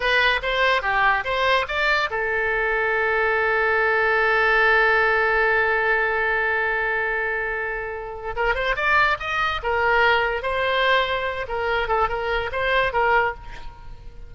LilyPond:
\new Staff \with { instrumentName = "oboe" } { \time 4/4 \tempo 4 = 144 b'4 c''4 g'4 c''4 | d''4 a'2.~ | a'1~ | a'1~ |
a'1 | ais'8 c''8 d''4 dis''4 ais'4~ | ais'4 c''2~ c''8 ais'8~ | ais'8 a'8 ais'4 c''4 ais'4 | }